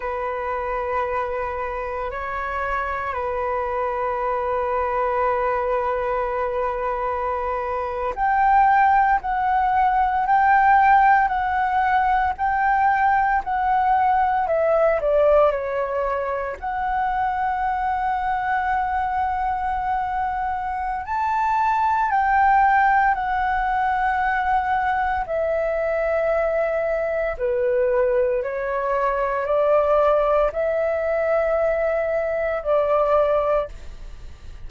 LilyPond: \new Staff \with { instrumentName = "flute" } { \time 4/4 \tempo 4 = 57 b'2 cis''4 b'4~ | b'2.~ b'8. g''16~ | g''8. fis''4 g''4 fis''4 g''16~ | g''8. fis''4 e''8 d''8 cis''4 fis''16~ |
fis''1 | a''4 g''4 fis''2 | e''2 b'4 cis''4 | d''4 e''2 d''4 | }